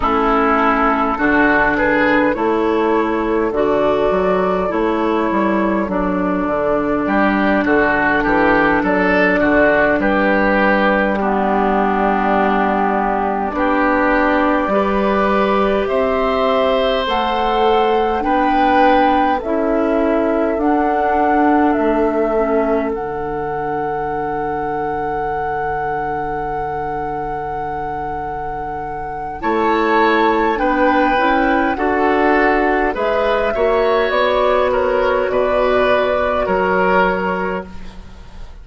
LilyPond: <<
  \new Staff \with { instrumentName = "flute" } { \time 4/4 \tempo 4 = 51 a'4. b'8 cis''4 d''4 | cis''4 d''4. a'4 d''8~ | d''8 b'4 g'2 d''8~ | d''4. e''4 fis''4 g''8~ |
g''8 e''4 fis''4 e''4 fis''8~ | fis''1~ | fis''4 a''4 g''4 fis''4 | e''4 d''8 cis''8 d''4 cis''4 | }
  \new Staff \with { instrumentName = "oboe" } { \time 4/4 e'4 fis'8 gis'8 a'2~ | a'2 g'8 fis'8 g'8 a'8 | fis'8 g'4 d'2 g'8~ | g'8 b'4 c''2 b'8~ |
b'8 a'2.~ a'8~ | a'1~ | a'4 cis''4 b'4 a'4 | b'8 cis''4 ais'8 b'4 ais'4 | }
  \new Staff \with { instrumentName = "clarinet" } { \time 4/4 cis'4 d'4 e'4 fis'4 | e'4 d'2.~ | d'4. b2 d'8~ | d'8 g'2 a'4 d'8~ |
d'8 e'4 d'4. cis'8 d'8~ | d'1~ | d'4 e'4 d'8 e'8 fis'4 | gis'8 fis'2.~ fis'8 | }
  \new Staff \with { instrumentName = "bassoon" } { \time 4/4 a4 d4 a4 d8 fis8 | a8 g8 fis8 d8 g8 d8 e8 fis8 | d8 g2. b8~ | b8 g4 c'4 a4 b8~ |
b8 cis'4 d'4 a4 d8~ | d1~ | d4 a4 b8 cis'8 d'4 | gis8 ais8 b4 b,4 fis4 | }
>>